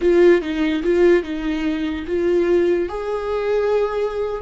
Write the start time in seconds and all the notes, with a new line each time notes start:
0.01 F4
0.41 D#4
0.83 F4
1.23 D#4
2.07 F4
2.89 G#4